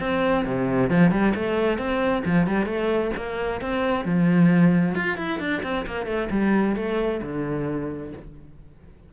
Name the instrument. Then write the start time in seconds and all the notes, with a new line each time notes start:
cello
0.00 C4
0.46 C3
0.90 F3
1.11 G3
1.35 A3
1.78 C4
2.25 F3
2.47 G3
2.66 A3
3.17 A#3
3.61 C4
4.05 F3
4.95 F4
5.18 E4
5.40 D4
5.63 C4
5.87 A#3
6.06 A3
6.31 G3
6.76 A3
7.23 D3